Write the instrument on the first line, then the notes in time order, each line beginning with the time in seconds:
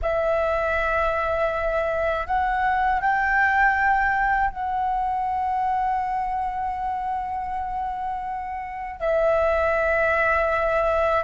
flute
0.02 E5
2.26 F#5
3.00 G5
4.50 F#5
9.00 E5